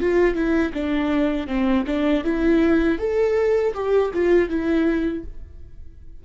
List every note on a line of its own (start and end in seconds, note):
0.00 0.34 F4
0.34 0.72 E4
0.73 1.47 D4
1.47 1.84 C4
1.86 2.24 D4
2.24 2.98 E4
2.98 3.73 A4
3.74 4.11 G4
4.13 4.49 F4
4.49 5.24 E4